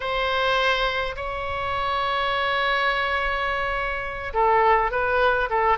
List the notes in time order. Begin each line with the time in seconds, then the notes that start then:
0.00 C5
1.15 C#5
4.33 A4
4.91 B4
5.49 A4